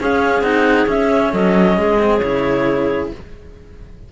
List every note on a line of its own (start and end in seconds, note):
0.00 0.43 C#4
0.00 0.41 C#4
0.00 1.31 G#4
0.00 0.43 F5
0.41 0.86 C4
0.41 0.87 D#4
0.41 0.87 F#5
0.87 1.98 C#4
0.87 1.33 C#4
0.87 1.34 E5
1.31 1.78 F#3
1.31 1.76 A4
1.31 2.18 D#5
1.78 2.22 G#3
1.78 3.11 G#4
1.99 2.21 C4
2.18 3.11 C#3
2.18 3.12 E4
2.18 3.07 C#5